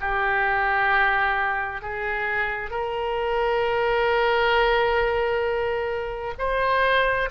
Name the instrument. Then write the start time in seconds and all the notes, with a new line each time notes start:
oboe
0.00 G4
1.81 G#4
2.70 A#4
6.38 C5